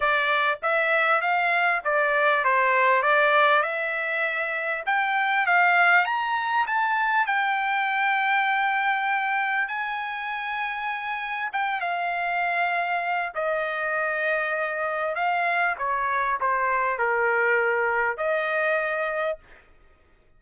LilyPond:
\new Staff \with { instrumentName = "trumpet" } { \time 4/4 \tempo 4 = 99 d''4 e''4 f''4 d''4 | c''4 d''4 e''2 | g''4 f''4 ais''4 a''4 | g''1 |
gis''2. g''8 f''8~ | f''2 dis''2~ | dis''4 f''4 cis''4 c''4 | ais'2 dis''2 | }